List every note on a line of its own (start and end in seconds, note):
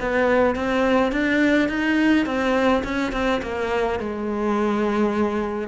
0.00 0.55 B3
0.55 1.12 C4
1.12 1.68 D4
1.68 2.25 D#4
2.26 2.83 C4
2.83 3.12 C#4
3.12 3.41 C4
3.42 3.99 A#3
3.99 5.68 G#3